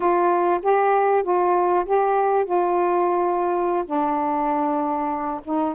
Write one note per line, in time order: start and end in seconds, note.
0.00 0.60 F4
0.62 1.23 G4
1.23 1.85 F4
1.85 2.45 G4
2.45 3.84 F4
3.85 5.40 D4
5.44 5.74 D#4